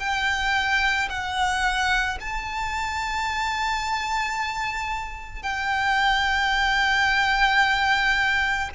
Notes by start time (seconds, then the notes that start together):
0.00 G5
1.10 F#5
2.21 A5
5.43 G5